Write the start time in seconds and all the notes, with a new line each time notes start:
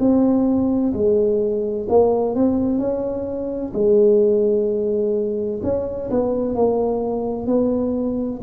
0.00 C4
0.94 G#3
1.90 A#3
2.35 C4
2.79 C#4
3.74 G#3
5.63 C#4
6.11 B3
6.55 A#3
7.47 B3